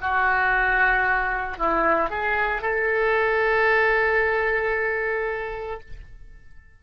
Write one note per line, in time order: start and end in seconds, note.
0.00 1.57 F#4
1.57 2.09 E4
2.09 2.61 G#4
2.61 5.80 A4